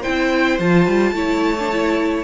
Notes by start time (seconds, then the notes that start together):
0.00 E4 C5 G5
0.07 C4
0.58 F3 F4 A5
0.87 G3
1.11 A3 E4 C#5
1.59 D4
1.72 E4